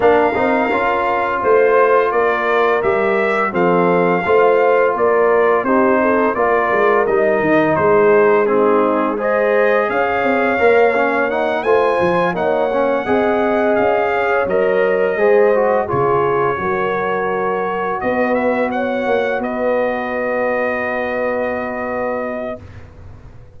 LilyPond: <<
  \new Staff \with { instrumentName = "trumpet" } { \time 4/4 \tempo 4 = 85 f''2 c''4 d''4 | e''4 f''2 d''4 | c''4 d''4 dis''4 c''4 | gis'4 dis''4 f''2 |
fis''8 gis''4 fis''2 f''8~ | f''8 dis''2 cis''4.~ | cis''4. dis''8 e''8 fis''4 dis''8~ | dis''1 | }
  \new Staff \with { instrumentName = "horn" } { \time 4/4 ais'2 c''4 ais'4~ | ais'4 a'4 c''4 ais'4 | g'8 a'8 ais'2 gis'4 | dis'4 c''4 cis''2~ |
cis''8 c''4 cis''4 dis''4. | cis''4. c''4 gis'4 ais'8~ | ais'4. b'4 cis''4 b'8~ | b'1 | }
  \new Staff \with { instrumentName = "trombone" } { \time 4/4 d'8 dis'8 f'2. | g'4 c'4 f'2 | dis'4 f'4 dis'2 | c'4 gis'2 ais'8 cis'8 |
dis'8 f'4 dis'8 cis'8 gis'4.~ | gis'8 ais'4 gis'8 fis'8 f'4 fis'8~ | fis'1~ | fis'1 | }
  \new Staff \with { instrumentName = "tuba" } { \time 4/4 ais8 c'8 cis'4 a4 ais4 | g4 f4 a4 ais4 | c'4 ais8 gis8 g8 dis8 gis4~ | gis2 cis'8 c'8 ais4~ |
ais8 a8 f8 ais4 c'4 cis'8~ | cis'8 fis4 gis4 cis4 fis8~ | fis4. b4. ais8 b8~ | b1 | }
>>